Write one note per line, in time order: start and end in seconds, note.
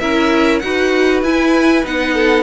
0.00 0.63 C#4
0.00 0.63 E4
0.00 0.62 A#4
0.00 0.59 E5
0.59 1.23 D#4
0.59 1.25 F#4
0.59 2.14 B4
0.59 1.21 F#5
1.23 1.84 E4
1.23 1.85 E4
1.23 1.86 G#5
1.85 2.44 B3
1.85 2.44 D#4
1.85 2.44 F#5
2.14 2.44 A4